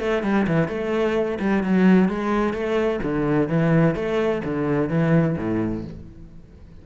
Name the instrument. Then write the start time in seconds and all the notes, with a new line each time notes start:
cello
0.00 A3
0.23 G3
0.47 E3
0.68 A3
1.40 G3
1.63 F#3
2.09 G#3
2.53 A3
3.03 D3
3.48 E3
3.95 A3
4.44 D3
4.89 E3
5.37 A2